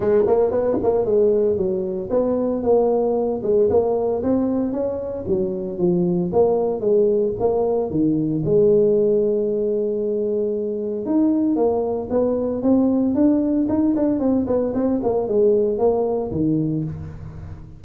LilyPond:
\new Staff \with { instrumentName = "tuba" } { \time 4/4 \tempo 4 = 114 gis8 ais8 b8 ais8 gis4 fis4 | b4 ais4. gis8 ais4 | c'4 cis'4 fis4 f4 | ais4 gis4 ais4 dis4 |
gis1~ | gis4 dis'4 ais4 b4 | c'4 d'4 dis'8 d'8 c'8 b8 | c'8 ais8 gis4 ais4 dis4 | }